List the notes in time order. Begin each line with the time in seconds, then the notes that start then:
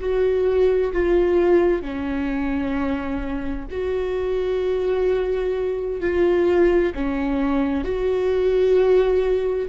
0.00 F#4
0.93 F4
1.82 C#4
3.71 F#4
6.01 F4
6.95 C#4
7.85 F#4